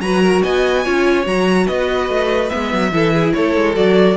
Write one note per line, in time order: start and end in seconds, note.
0.00 0.42 F#3
0.00 0.84 F#4
0.00 0.22 B4
0.00 0.42 A#5
0.22 0.42 A#4
0.43 0.86 B3
0.43 0.84 D#5
0.43 1.26 G#5
0.84 1.26 C#4
0.84 1.23 F4
0.84 1.65 C#5
1.23 1.67 F#3
1.23 2.48 F#4
1.23 1.67 A#5
1.65 2.09 B3
1.65 2.90 B4
1.65 2.49 D#5
2.09 2.50 A3
2.49 2.73 G#3
2.49 2.91 B3
2.49 3.32 E5
2.73 2.91 F#3
2.91 3.32 E3
2.91 3.74 E4
2.91 3.13 A4
3.13 3.34 G#4
3.33 3.56 A3
3.33 4.16 A4
3.33 3.75 C#5
3.56 3.76 G#3
3.74 4.16 F#3
3.74 4.15 F#4
3.74 4.16 D5